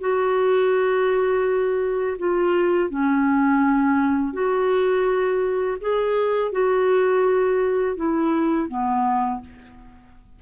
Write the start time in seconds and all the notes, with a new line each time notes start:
0.00 F#4
2.18 F4
2.90 C#4
4.32 F#4
5.80 G#4
6.52 F#4
7.96 E4
8.68 B3